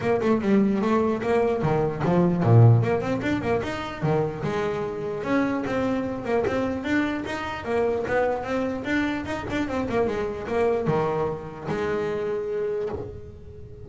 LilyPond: \new Staff \with { instrumentName = "double bass" } { \time 4/4 \tempo 4 = 149 ais8 a8 g4 a4 ais4 | dis4 f4 ais,4 ais8 c'8 | d'8 ais8 dis'4 dis4 gis4~ | gis4 cis'4 c'4. ais8 |
c'4 d'4 dis'4 ais4 | b4 c'4 d'4 dis'8 d'8 | c'8 ais8 gis4 ais4 dis4~ | dis4 gis2. | }